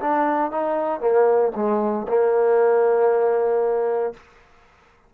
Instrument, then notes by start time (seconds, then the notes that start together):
trombone
0.00 D4
0.51 D#4
1.00 A#3
1.55 G#3
2.08 A#3